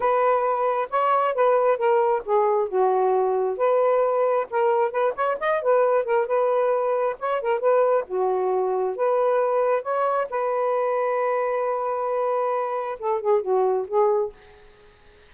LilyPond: \new Staff \with { instrumentName = "saxophone" } { \time 4/4 \tempo 4 = 134 b'2 cis''4 b'4 | ais'4 gis'4 fis'2 | b'2 ais'4 b'8 cis''8 | dis''8 b'4 ais'8 b'2 |
cis''8 ais'8 b'4 fis'2 | b'2 cis''4 b'4~ | b'1~ | b'4 a'8 gis'8 fis'4 gis'4 | }